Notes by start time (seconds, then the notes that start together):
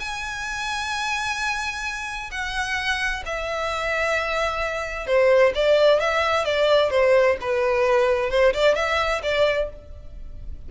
0.00 G#5
2.32 F#5
3.26 E5
5.07 C5
5.55 D5
6.01 E5
6.45 D5
6.91 C5
7.41 B4
8.31 C5
8.54 D5
8.76 E5
9.23 D5